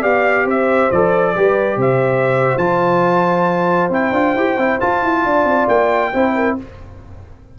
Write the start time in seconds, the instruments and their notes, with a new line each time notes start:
0.00 tuba B3, trombone G4, horn D5, trumpet F5
0.45 tuba C4, horn C5, trumpet E5
0.91 tuba F3, trombone A4, trumpet D5
1.35 tuba G3, trombone G4, horn B4
1.77 tuba C3, horn C5, trumpet E5
2.57 tuba F3, trombone F4, trumpet A5
3.89 tuba C4, trombone E4, trumpet G5
4.12 tuba D4, trombone F4
4.34 tuba E4, trombone G4
4.57 tuba C4, trombone E4
4.80 trombone F4, tuba F4, trumpet A5
5.02 tuba E4
5.25 tuba D4, horn D5
5.44 tuba C4
5.68 tuba A#3, trumpet G5
6.12 tuba C4, trombone E4, horn C5
6.35 horn A#4